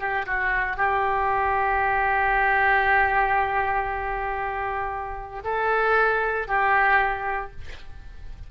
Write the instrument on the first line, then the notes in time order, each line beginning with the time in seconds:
oboe
0.00 G4
0.26 F#4
0.77 G4
5.45 A4
6.48 G4